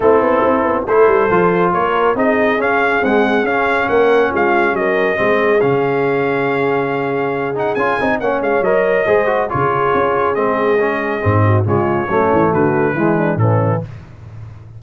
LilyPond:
<<
  \new Staff \with { instrumentName = "trumpet" } { \time 4/4 \tempo 4 = 139 a'2 c''2 | cis''4 dis''4 f''4 fis''4 | f''4 fis''4 f''4 dis''4~ | dis''4 f''2.~ |
f''4. fis''8 gis''4 fis''8 f''8 | dis''2 cis''2 | dis''2. cis''4~ | cis''4 b'2 a'4 | }
  \new Staff \with { instrumentName = "horn" } { \time 4/4 e'2 a'2 | ais'4 gis'2.~ | gis'4 ais'4 f'4 ais'4 | gis'1~ |
gis'2. cis''4~ | cis''4 c''4 gis'2~ | gis'2~ gis'8 fis'8 f'4 | cis'4 fis'4 e'8 d'8 cis'4 | }
  \new Staff \with { instrumentName = "trombone" } { \time 4/4 c'2 e'4 f'4~ | f'4 dis'4 cis'4 gis4 | cis'1 | c'4 cis'2.~ |
cis'4. dis'8 f'8 dis'8 cis'4 | ais'4 gis'8 fis'8 f'2 | c'4 cis'4 c'4 gis4 | a2 gis4 e4 | }
  \new Staff \with { instrumentName = "tuba" } { \time 4/4 a8 b8 c'8 b8 a8 g8 f4 | ais4 c'4 cis'4 c'4 | cis'4 ais4 gis4 fis4 | gis4 cis2.~ |
cis2 cis'8 c'8 ais8 gis8 | fis4 gis4 cis4 cis'4 | gis2 gis,4 cis4 | fis8 e8 d4 e4 a,4 | }
>>